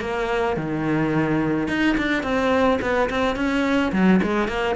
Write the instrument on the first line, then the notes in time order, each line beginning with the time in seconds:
cello
0.00 A#3
0.57 D#3
1.68 D#4
1.97 D4
2.23 C4
2.81 B3
3.09 C4
3.35 C#4
3.92 F#3
4.22 G#3
4.48 A#3